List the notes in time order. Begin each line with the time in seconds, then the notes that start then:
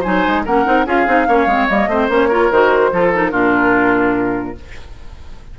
0.00 F#3 D#4 C5 G#5
0.26 G#3
0.45 A#3 C#4 A#4 F#5
0.65 C4 D#4
0.86 C#4 F4 G#4 F5
1.07 C4 D#4
1.28 A#3 C#4 C#5
1.46 G#3 C4
1.68 G3 A#3 D#5
1.87 A3 C4 C5
2.09 A#3 C#4 C#5
2.28 F4 A#4
2.51 D#3 F#4 C5
2.91 F3 F4 A4
3.13 D#4 A#4
3.31 A#2 D4 F4